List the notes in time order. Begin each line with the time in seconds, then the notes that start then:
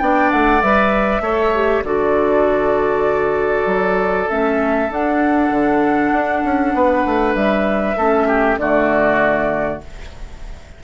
0.00 B3 D4 D5 G5
0.31 A3 F#5
0.62 G3 B4 E5
1.21 A3 A4 C#5
1.55 G4
1.85 D3 F#4 A4 D5
3.66 F#3
4.29 A3 C#4 E5
4.89 D4 F#5
5.51 D3
6.13 D4
6.45 C#4
6.74 B3 B4
7.06 A3
7.36 G3 E5
7.97 A3 C#4 A4
8.28 G4
8.58 D3 A3 F#4 D5